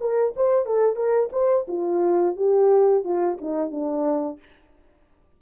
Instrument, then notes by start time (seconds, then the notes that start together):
horn
0.00 A#4
0.36 C5
0.66 A4
0.96 A#4
1.32 C5
1.68 F4
2.36 G4
3.04 F4
3.41 D#4
3.71 D4